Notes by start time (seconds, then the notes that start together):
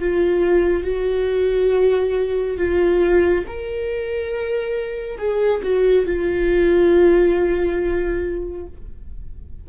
0.00 F4
0.84 F#4
2.58 F4
3.47 A#4
5.18 G#4
5.63 F#4
6.06 F4